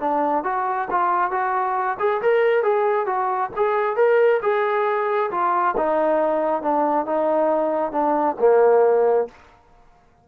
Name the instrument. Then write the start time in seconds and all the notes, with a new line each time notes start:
trombone
0.00 D4
0.44 F#4
0.91 F4
1.31 F#4
1.99 G#4
2.22 A#4
2.63 G#4
3.06 F#4
3.56 G#4
3.96 A#4
4.42 G#4
5.31 F4
5.77 D#4
6.62 D4
7.06 D#4
7.92 D4
8.39 A#3